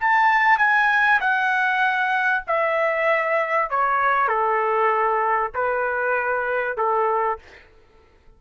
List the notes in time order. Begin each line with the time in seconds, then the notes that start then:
0.00 A5
0.58 G#5
1.20 F#5
2.47 E5
3.70 C#5
4.28 A4
5.54 B4
6.77 A4